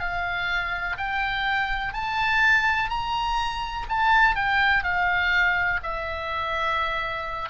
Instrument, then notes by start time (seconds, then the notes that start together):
oboe
0.00 F5
0.98 G5
1.94 A5
2.90 A#5
3.89 A5
4.36 G5
4.83 F5
5.83 E5